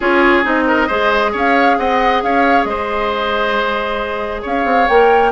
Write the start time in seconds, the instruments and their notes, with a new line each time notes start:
0.00 bassoon C#4, clarinet F4, oboe G#4, flute C#5
0.43 bassoon C4, clarinet D#4, flute D#5
0.66 oboe A#4
0.87 bassoon G#3, clarinet G#4, oboe C5
1.32 bassoon C#4, oboe C#5, flute F5
1.77 bassoon C4, oboe D#5, flute F#5
2.22 bassoon C#4, oboe C#5, flute F5
2.64 bassoon G#3, oboe C5, flute D#5
4.41 bassoon C#4, oboe C#5, flute F5
4.65 bassoon C4
4.88 bassoon A#3, clarinet A#4, flute G5